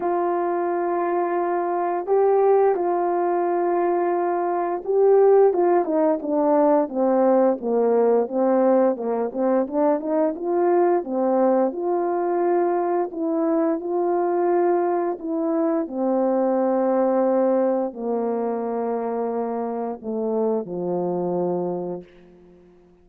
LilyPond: \new Staff \with { instrumentName = "horn" } { \time 4/4 \tempo 4 = 87 f'2. g'4 | f'2. g'4 | f'8 dis'8 d'4 c'4 ais4 | c'4 ais8 c'8 d'8 dis'8 f'4 |
c'4 f'2 e'4 | f'2 e'4 c'4~ | c'2 ais2~ | ais4 a4 f2 | }